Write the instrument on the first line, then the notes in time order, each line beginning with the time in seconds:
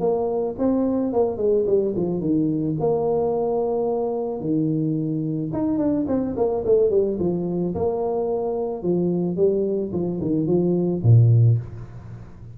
tuba
0.00 A#3
0.58 C4
1.13 A#3
1.37 G#3
1.66 G3
1.96 F3
2.20 D#3
2.80 A#3
4.40 D#3
5.53 D#4
5.78 D4
6.08 C4
6.36 A#3
6.65 A3
6.90 G3
7.19 F3
7.75 A#3
8.83 F3
9.36 G3
9.93 F3
10.21 D#3
10.47 F3
11.03 A#2